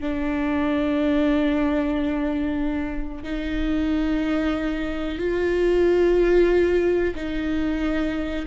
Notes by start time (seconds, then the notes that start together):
0.00 D4
3.23 D#4
5.18 F4
7.15 D#4